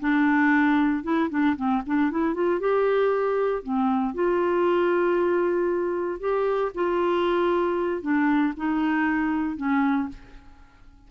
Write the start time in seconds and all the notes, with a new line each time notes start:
0.00 D4
1.03 E4
1.30 D4
1.56 C4
1.86 D4
2.11 E4
2.34 F4
2.60 G4
3.63 C4
4.14 F4
6.20 G4
6.75 F4
8.02 D4
8.57 D#4
9.57 C#4